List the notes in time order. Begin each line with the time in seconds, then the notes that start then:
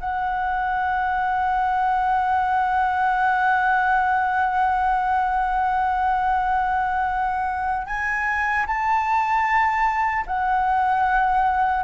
0.00 F#5
7.87 G#5
8.67 A5
10.26 F#5